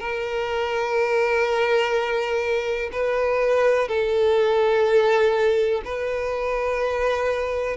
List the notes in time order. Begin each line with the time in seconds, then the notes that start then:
0.00 A#4
2.92 B4
3.88 A4
5.85 B4